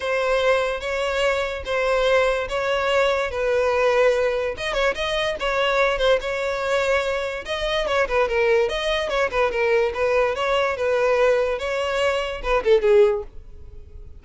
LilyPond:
\new Staff \with { instrumentName = "violin" } { \time 4/4 \tempo 4 = 145 c''2 cis''2 | c''2 cis''2 | b'2. dis''8 cis''8 | dis''4 cis''4. c''8 cis''4~ |
cis''2 dis''4 cis''8 b'8 | ais'4 dis''4 cis''8 b'8 ais'4 | b'4 cis''4 b'2 | cis''2 b'8 a'8 gis'4 | }